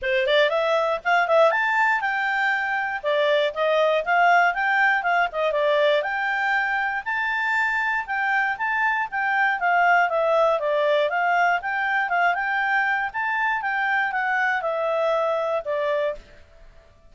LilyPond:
\new Staff \with { instrumentName = "clarinet" } { \time 4/4 \tempo 4 = 119 c''8 d''8 e''4 f''8 e''8 a''4 | g''2 d''4 dis''4 | f''4 g''4 f''8 dis''8 d''4 | g''2 a''2 |
g''4 a''4 g''4 f''4 | e''4 d''4 f''4 g''4 | f''8 g''4. a''4 g''4 | fis''4 e''2 d''4 | }